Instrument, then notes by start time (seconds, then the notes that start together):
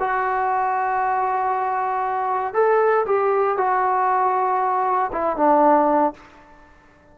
trombone
0.00 F#4
2.54 A4
3.06 G4
3.58 F#4
5.13 E4
5.37 D4